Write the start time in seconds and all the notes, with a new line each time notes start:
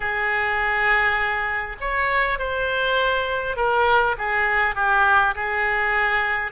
0.00 G#4
1.80 C#5
2.38 C5
3.56 A#4
4.17 G#4
4.75 G4
5.35 G#4